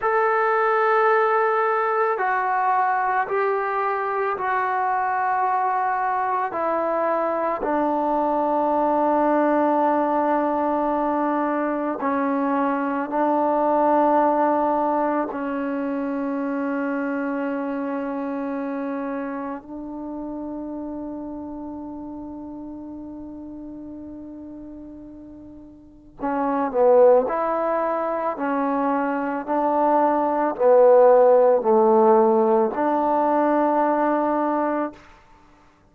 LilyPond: \new Staff \with { instrumentName = "trombone" } { \time 4/4 \tempo 4 = 55 a'2 fis'4 g'4 | fis'2 e'4 d'4~ | d'2. cis'4 | d'2 cis'2~ |
cis'2 d'2~ | d'1 | cis'8 b8 e'4 cis'4 d'4 | b4 a4 d'2 | }